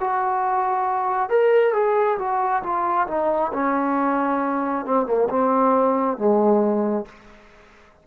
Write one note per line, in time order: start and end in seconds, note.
0.00 1.30 F#4
1.30 1.74 A#4
1.74 2.18 G#4
2.19 2.63 F#4
2.63 3.07 F4
3.08 3.52 D#4
3.53 4.85 C#4
4.85 5.07 C4
5.07 5.29 A#3
5.29 6.17 C4
6.17 7.05 G#3